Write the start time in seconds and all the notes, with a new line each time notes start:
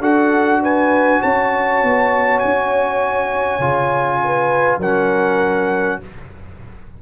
0.00 D4 F#4 A4 F#5
0.62 B4 G#5
1.21 C#4 C#5 A5
1.83 B3
2.39 C#4 G#5
3.59 C#3 F4
4.24 B4
4.78 F#3 C#4 A#4 F#5